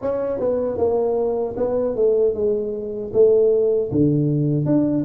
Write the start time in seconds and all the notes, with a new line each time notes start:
0.01 C#4
0.39 B3
0.77 A#3
1.56 B3
1.95 A3
2.34 G#3
3.13 A3
3.91 D3
4.65 D4